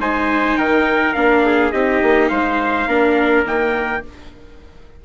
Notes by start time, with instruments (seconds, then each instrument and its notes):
0.00 bassoon G#3, viola D#4, trumpet C5 G#5
0.57 bassoon D#3, trumpet A#4 G5
1.14 bassoon A#3, viola D4, trumpet F5
1.46 trumpet G#4
1.72 bassoon C4, viola D#4, trumpet G4 D#5
2.03 bassoon A#3
2.29 bassoon G#3, trumpet C5 F5
2.87 bassoon A#3, viola D4, trumpet A#4
3.45 bassoon D#3, viola A#3, trumpet G5